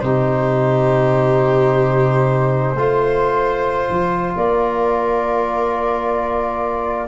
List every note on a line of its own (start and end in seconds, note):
0.00 2.74 C3
0.00 2.76 D#4
0.00 2.76 G4
0.00 4.32 C5
2.74 3.87 A3
2.74 7.07 F4
2.74 4.37 C5
3.89 4.35 F3
4.36 7.07 A#3
4.36 7.07 A#4
4.36 7.07 D5